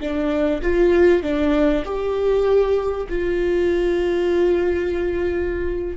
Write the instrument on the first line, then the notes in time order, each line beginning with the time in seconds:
viola
0.00 D4
0.62 F4
1.22 D4
1.85 G4
3.09 F4